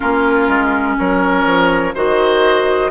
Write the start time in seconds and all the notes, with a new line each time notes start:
0.00 A#3 C#4 F4 A#4
0.48 G#3
0.98 F#3 A#4 C#5
1.45 F3
1.94 D#3 F#4 C5 D#5